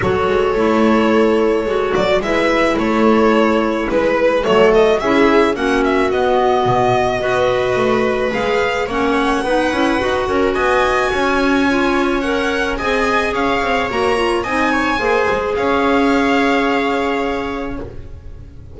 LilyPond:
<<
  \new Staff \with { instrumentName = "violin" } { \time 4/4 \tempo 4 = 108 cis''2.~ cis''8 d''8 | e''4 cis''2 b'4 | cis''8 dis''8 e''4 fis''8 e''8 dis''4~ | dis''2. f''4 |
fis''2. gis''4~ | gis''2 fis''4 gis''4 | f''4 ais''4 gis''2 | f''1 | }
  \new Staff \with { instrumentName = "viola" } { \time 4/4 a'1 | b'4 a'2 b'4 | a'4 gis'4 fis'2~ | fis'4 b'2. |
cis''4 b'4. ais'8 dis''4 | cis''2. dis''4 | cis''2 dis''8 cis''8 c''4 | cis''1 | }
  \new Staff \with { instrumentName = "clarinet" } { \time 4/4 fis'4 e'2 fis'4 | e'1 | a4 e'4 cis'4 b4~ | b4 fis'2 gis'4 |
cis'4 dis'8 e'8 fis'2~ | fis'4 f'4 ais'4 gis'4~ | gis'4 fis'8 f'8 dis'4 gis'4~ | gis'1 | }
  \new Staff \with { instrumentName = "double bass" } { \time 4/4 fis8 gis8 a2 gis8 fis8 | gis4 a2 gis4 | fis4 cis'4 ais4 b4 | b,4 b4 a4 gis4 |
ais4 b8 cis'8 dis'8 cis'8 b4 | cis'2. c'4 | cis'8 c'8 ais4 c'4 ais8 gis8 | cis'1 | }
>>